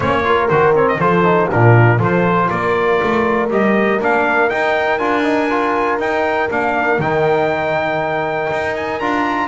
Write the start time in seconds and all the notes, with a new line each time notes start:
0.00 A#3 C#4 C5 C#5
0.24 F4 A#4
0.48 D#3 F#4 C5
0.74 C4 C#5
0.88 D#5
0.98 F3 F4 A4 C5
1.24 D#4
1.49 A#2 D4 F4 A#4
1.98 F3 F4 A4 C5
2.49 A#3 A#4 D5
3.02 A3
3.49 G3 G4 D#5
4.00 A#3 D4 F5
4.49 D#4 G5
4.98 D4 F4 G#5
5.23 D#4
5.50 F4
5.99 D#4 G5
6.50 A#3 D4 F5
6.99 D#3 D#4 G5
8.51 D#4
8.75 G#5
8.99 D4 F4 A#5